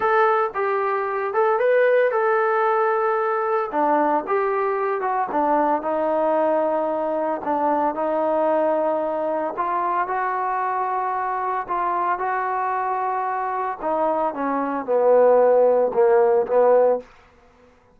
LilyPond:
\new Staff \with { instrumentName = "trombone" } { \time 4/4 \tempo 4 = 113 a'4 g'4. a'8 b'4 | a'2. d'4 | g'4. fis'8 d'4 dis'4~ | dis'2 d'4 dis'4~ |
dis'2 f'4 fis'4~ | fis'2 f'4 fis'4~ | fis'2 dis'4 cis'4 | b2 ais4 b4 | }